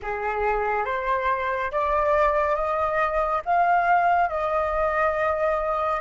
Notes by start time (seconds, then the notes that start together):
0.02 G#4
0.85 C5
1.71 D5
2.55 D#5
3.45 F5
4.29 D#5